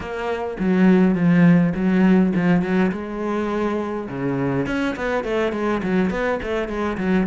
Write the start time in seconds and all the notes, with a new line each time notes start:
0.00 A#3
0.59 F#3
1.14 F3
1.74 F#3
2.35 F3
2.62 F#3
2.91 G#3
4.08 C#3
4.66 C#4
4.95 B3
5.24 A3
5.52 G#3
5.82 F#3
6.10 B3
6.43 A3
6.68 G#3
6.97 F#3